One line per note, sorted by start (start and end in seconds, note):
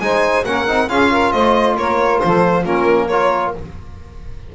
0.00 0.45 G#3
0.00 0.45 D#4
0.00 0.46 C5
0.00 0.44 G#5
0.45 0.68 A#3
0.45 0.68 C#4
0.45 0.89 A#4
0.45 0.89 F#5
0.68 0.89 C4
0.68 0.89 D#4
0.89 1.33 C#4
0.89 2.65 F4
0.89 1.11 G#4
0.89 1.32 F5
1.11 1.33 A#4
1.32 1.76 A3
1.32 1.77 C5
1.32 1.76 D#5
1.76 2.21 A#3
1.76 2.24 A#4
1.76 2.20 C#5
2.20 2.66 F3
2.20 2.61 A4
2.20 2.64 C5
2.61 3.54 A#3
2.61 3.10 C#4
2.61 3.05 F4
2.61 3.08 A#4
3.08 3.56 F4
3.08 3.53 A#4
3.08 3.52 C#5